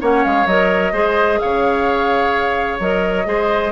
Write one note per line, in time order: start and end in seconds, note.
0.00 0.25 A#3
0.00 0.47 C#4
0.00 0.93 C#5
0.00 0.24 F#5
0.24 0.46 G#3
0.24 0.47 F5
0.46 0.93 F#3
0.46 0.93 A#4
0.46 1.39 D#5
0.93 1.39 G#3
0.93 2.79 G#4
0.93 1.39 C5
1.39 2.79 C#3
1.39 3.27 C#5
1.39 2.78 F5
2.79 3.26 F#3
2.79 3.25 A#4
2.79 3.72 D#5
3.25 3.72 G#3
3.25 3.71 G#4
3.25 3.72 C5